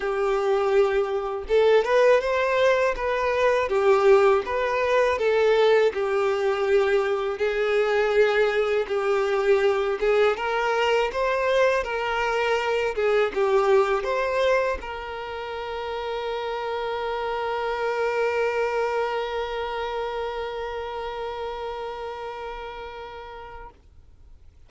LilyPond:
\new Staff \with { instrumentName = "violin" } { \time 4/4 \tempo 4 = 81 g'2 a'8 b'8 c''4 | b'4 g'4 b'4 a'4 | g'2 gis'2 | g'4. gis'8 ais'4 c''4 |
ais'4. gis'8 g'4 c''4 | ais'1~ | ais'1~ | ais'1 | }